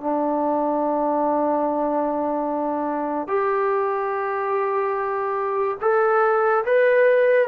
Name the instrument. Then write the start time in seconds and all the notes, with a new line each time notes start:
trombone
0.00 D4
3.27 G4
5.81 A4
6.65 B4